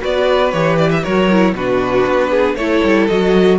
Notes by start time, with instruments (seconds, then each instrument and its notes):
0.00 cello B3, viola F#4, violin B4 D5
0.51 cello E3, viola G4, violin C#5
0.78 violin D5
0.91 violin E5
1.03 cello F#3, viola F#4, violin A#4 C#5
1.31 viola E4
1.53 cello B2, viola D4, violin F#4 B4
2.06 cello B3
2.30 violin G#4
2.55 cello A3, viola E4, violin A4 C#5
2.83 cello G3
3.07 cello F#3, viola F#4, violin D#5